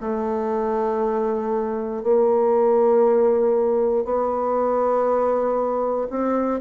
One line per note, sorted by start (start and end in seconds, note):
0.00 2.03 A3
2.03 4.04 A#3
4.04 6.08 B3
6.10 6.61 C4